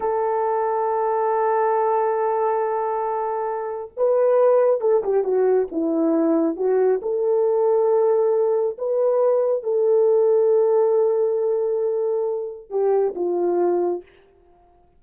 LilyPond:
\new Staff \with { instrumentName = "horn" } { \time 4/4 \tempo 4 = 137 a'1~ | a'1~ | a'4 b'2 a'8 g'8 | fis'4 e'2 fis'4 |
a'1 | b'2 a'2~ | a'1~ | a'4 g'4 f'2 | }